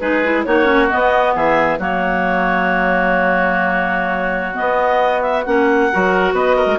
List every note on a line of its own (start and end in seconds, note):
0.00 0.46 G#3
0.00 0.24 D#4
0.00 0.46 G#4
0.00 0.44 B4
0.24 0.46 E4
0.45 0.91 A#3
0.45 0.65 D#4
0.45 1.35 F#4
0.45 0.89 C#5
0.65 0.88 C#4
0.90 1.79 B3
0.90 1.36 B3
0.90 1.34 D#5
1.35 1.79 E3
1.35 1.80 G#4
1.35 1.80 E5
1.79 4.57 F#3
1.79 4.54 A#3
1.79 5.91 F#4
1.79 4.57 C#5
4.54 5.43 B3
4.54 5.47 B3
4.54 5.22 D#5
5.22 5.44 E5
5.45 5.91 A#3
5.45 5.91 C#4
5.45 6.34 F#5
5.93 6.33 F#3
5.93 6.79 F#4
5.93 6.35 A#4
6.33 6.66 B3
6.33 6.57 B4
6.33 6.79 D#5
6.57 6.79 A#4
6.66 6.77 G#3